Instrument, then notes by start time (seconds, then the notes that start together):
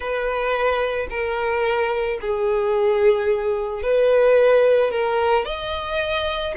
violin
0.00 B4
1.10 A#4
2.21 G#4
3.82 B4
4.91 A#4
5.45 D#5